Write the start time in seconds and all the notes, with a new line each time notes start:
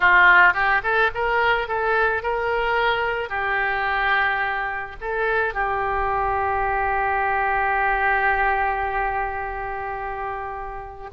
0.00 F4
0.53 G4
0.83 A4
1.14 A#4
1.68 A4
2.22 A#4
3.29 G4
5.00 A4
5.54 G4